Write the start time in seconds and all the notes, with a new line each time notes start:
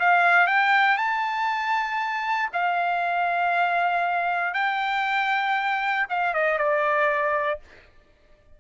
0.00 F5
0.47 G5
0.98 A5
2.53 F5
4.54 G5
6.09 F5
6.34 D#5
6.58 D5